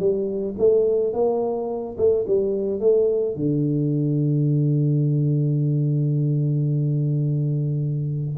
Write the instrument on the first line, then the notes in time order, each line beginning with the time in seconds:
tuba
0.00 G3
0.59 A3
1.14 A#3
1.98 A3
2.28 G3
2.81 A3
3.36 D3